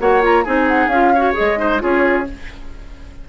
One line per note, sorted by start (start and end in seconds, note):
0.00 0.46 A#3
0.00 0.22 F#4
0.00 0.45 C#5
0.00 0.23 F#5
0.22 0.44 F4
0.22 0.44 A#5
0.44 0.87 C4
0.44 0.91 D#4
0.44 1.13 G#4
0.44 0.67 G#5
0.68 0.89 F#5
0.87 1.33 C#4
0.87 1.15 F4
0.87 1.34 F5
1.15 1.33 F#4
1.15 1.59 C#5
1.33 1.56 G#4
1.33 1.82 D#5
1.40 1.83 G#3
1.56 1.79 D#4
1.56 1.82 C5
1.79 2.29 C#4
1.79 2.24 F4
1.79 2.28 G#4
1.79 2.27 C#5